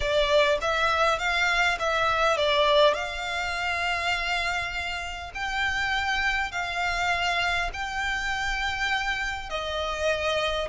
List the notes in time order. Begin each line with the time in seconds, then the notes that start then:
0.00 D5
0.61 E5
1.18 F5
1.79 E5
2.37 D5
2.94 F5
5.34 G5
6.51 F5
7.73 G5
9.49 D#5